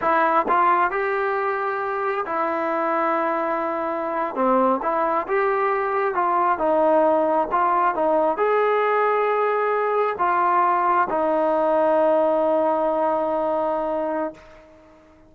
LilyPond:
\new Staff \with { instrumentName = "trombone" } { \time 4/4 \tempo 4 = 134 e'4 f'4 g'2~ | g'4 e'2.~ | e'4.~ e'16 c'4 e'4 g'16~ | g'4.~ g'16 f'4 dis'4~ dis'16~ |
dis'8. f'4 dis'4 gis'4~ gis'16~ | gis'2~ gis'8. f'4~ f'16~ | f'8. dis'2.~ dis'16~ | dis'1 | }